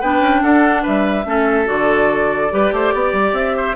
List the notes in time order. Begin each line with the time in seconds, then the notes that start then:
0.00 B3 D4 B4 G5
0.20 C#4
0.42 D4 A4 F#5
0.82 G3 B4 E5
1.24 A3 C#4 A4
1.65 D3 F#4 D5
2.50 G3 G4 B4
2.72 A3 C5
2.93 B3 D5
3.12 G3
3.32 C4 E5
3.56 C5